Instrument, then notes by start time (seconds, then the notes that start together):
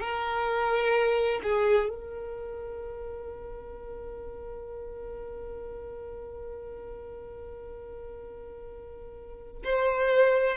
violin
0.00 A#4
1.43 G#4
1.89 A#4
9.64 C5